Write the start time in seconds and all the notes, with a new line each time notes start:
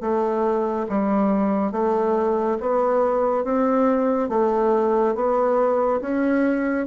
0.00 A3
0.89 G3
1.71 A3
2.60 B3
3.44 C4
4.29 A3
5.15 B3
6.00 C#4